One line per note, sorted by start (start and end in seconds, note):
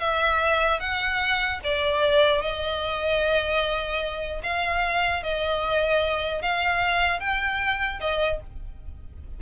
0.00 0.80 E5
0.80 1.60 F#5
1.64 2.42 D5
2.42 4.42 D#5
4.43 5.23 F5
5.24 6.42 D#5
6.42 7.20 F5
7.20 8.00 G5
8.01 8.41 D#5